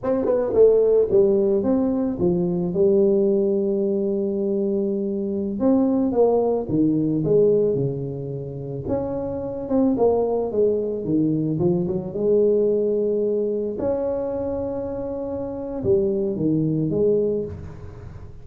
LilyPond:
\new Staff \with { instrumentName = "tuba" } { \time 4/4 \tempo 4 = 110 c'8 b8 a4 g4 c'4 | f4 g2.~ | g2~ g16 c'4 ais8.~ | ais16 dis4 gis4 cis4.~ cis16~ |
cis16 cis'4. c'8 ais4 gis8.~ | gis16 dis4 f8 fis8 gis4.~ gis16~ | gis4~ gis16 cis'2~ cis'8.~ | cis'4 g4 dis4 gis4 | }